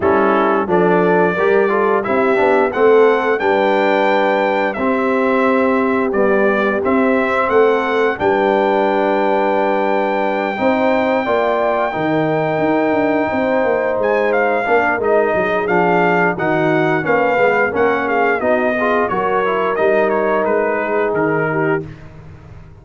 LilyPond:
<<
  \new Staff \with { instrumentName = "trumpet" } { \time 4/4 \tempo 4 = 88 a'4 d''2 e''4 | fis''4 g''2 e''4~ | e''4 d''4 e''4 fis''4 | g''1~ |
g''1~ | g''8 gis''8 f''4 dis''4 f''4 | fis''4 f''4 fis''8 f''8 dis''4 | cis''4 dis''8 cis''8 b'4 ais'4 | }
  \new Staff \with { instrumentName = "horn" } { \time 4/4 e'4 a'4 ais'8 a'8 g'4 | a'4 b'2 g'4~ | g'2. a'4 | b'2.~ b'8 c''8~ |
c''8 d''4 ais'2 c''8~ | c''4. ais'4 gis'4. | fis'4 b'4 ais'8 gis'8 fis'8 gis'8 | ais'2~ ais'8 gis'4 g'8 | }
  \new Staff \with { instrumentName = "trombone" } { \time 4/4 cis'4 d'4 g'8 f'8 e'8 d'8 | c'4 d'2 c'4~ | c'4 g4 c'2 | d'2.~ d'8 dis'8~ |
dis'8 f'4 dis'2~ dis'8~ | dis'4. d'8 dis'4 d'4 | dis'4 cis'8 b8 cis'4 dis'8 f'8 | fis'8 e'8 dis'2. | }
  \new Staff \with { instrumentName = "tuba" } { \time 4/4 g4 f4 g4 c'8 b8 | a4 g2 c'4~ | c'4 b4 c'4 a4 | g2.~ g8 c'8~ |
c'8 ais4 dis4 dis'8 d'8 c'8 | ais8 gis4 ais8 gis8 fis8 f4 | dis4 ais8 gis8 ais4 b4 | fis4 g4 gis4 dis4 | }
>>